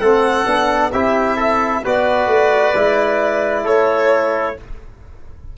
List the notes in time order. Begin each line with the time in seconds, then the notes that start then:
0.00 A3 C4 A4 F#5
0.46 B3 D4
0.93 C4 E4 G4 E5
1.36 A4
1.84 B3 F#4 B4 D5
2.27 A3
2.75 G#3 E4
3.64 A3 A4 C#5